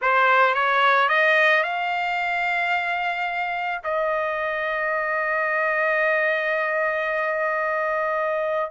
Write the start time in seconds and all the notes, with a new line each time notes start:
0.01 C5
0.54 C#5
1.08 D#5
1.63 F5
3.83 D#5